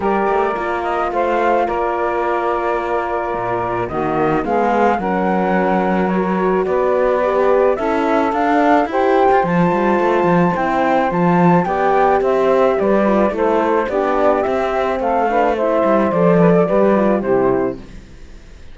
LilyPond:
<<
  \new Staff \with { instrumentName = "flute" } { \time 4/4 \tempo 4 = 108 d''4. dis''8 f''4 d''4~ | d''2. dis''4 | f''4 fis''2 cis''4 | d''2 e''4 f''4 |
g''4 a''2 g''4 | a''4 g''4 e''4 d''4 | c''4 d''4 e''4 f''4 | e''4 d''2 c''4 | }
  \new Staff \with { instrumentName = "saxophone" } { \time 4/4 ais'2 c''4 ais'4~ | ais'2. fis'4 | gis'4 ais'2. | b'2 a'2 |
c''1~ | c''4 d''4 c''4 b'4 | a'4 g'2 a'8 b'8 | c''4. b'16 a'16 b'4 g'4 | }
  \new Staff \with { instrumentName = "horn" } { \time 4/4 g'4 f'2.~ | f'2. ais4 | b4 cis'2 fis'4~ | fis'4 g'4 e'4 d'4 |
g'4 f'2 e'4 | f'4 g'2~ g'8 f'8 | e'4 d'4 c'4. d'8 | e'4 a'4 g'8 f'8 e'4 | }
  \new Staff \with { instrumentName = "cello" } { \time 4/4 g8 a8 ais4 a4 ais4~ | ais2 ais,4 dis4 | gis4 fis2. | b2 cis'4 d'4 |
e'8. f'16 f8 g8 a8 f8 c'4 | f4 b4 c'4 g4 | a4 b4 c'4 a4~ | a8 g8 f4 g4 c4 | }
>>